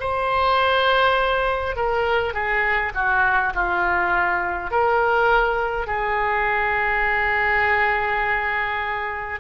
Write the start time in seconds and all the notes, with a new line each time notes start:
0.00 C5
1.76 A#4
2.34 G#4
2.95 F#4
3.55 F4
4.71 A#4
5.87 G#4